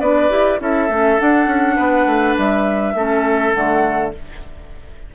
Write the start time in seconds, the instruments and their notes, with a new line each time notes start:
0.00 bassoon B3, clarinet D4, oboe B4, flute D5
0.30 bassoon E4, clarinet G4
0.59 bassoon C#4, clarinet E4, oboe A4, flute E5
0.89 bassoon A3, clarinet C#4
1.18 clarinet D4, bassoon D4, flute F#5
1.47 bassoon C#4
1.76 bassoon B3, oboe B4
2.06 bassoon A3
2.38 bassoon G3, flute E5
2.94 bassoon A3, clarinet C#4, oboe A4
3.53 bassoon D3, clarinet A3, flute F#5